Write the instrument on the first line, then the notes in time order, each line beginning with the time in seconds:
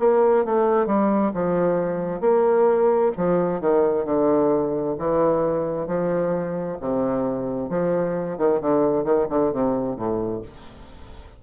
bassoon
0.00 A#3
0.45 A3
0.87 G3
1.34 F3
2.21 A#3
3.17 F3
3.61 D#3
4.06 D3
4.99 E3
5.88 F3
6.81 C3
7.70 F3
8.38 D#3
8.61 D3
9.05 D#3
9.30 D3
9.52 C3
9.97 A2